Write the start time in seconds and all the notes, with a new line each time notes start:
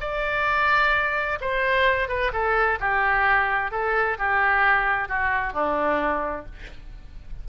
0.00 D5
1.41 C5
2.08 B4
2.32 A4
2.79 G4
3.71 A4
4.18 G4
5.08 F#4
5.53 D4